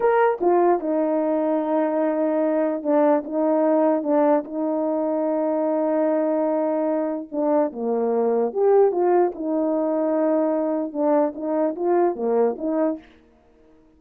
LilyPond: \new Staff \with { instrumentName = "horn" } { \time 4/4 \tempo 4 = 148 ais'4 f'4 dis'2~ | dis'2. d'4 | dis'2 d'4 dis'4~ | dis'1~ |
dis'2 d'4 ais4~ | ais4 g'4 f'4 dis'4~ | dis'2. d'4 | dis'4 f'4 ais4 dis'4 | }